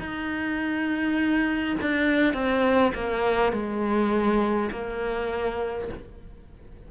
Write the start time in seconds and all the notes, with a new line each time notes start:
0.00 D#4
1.81 D4
2.34 C4
2.95 A#3
3.52 G#3
4.72 A#3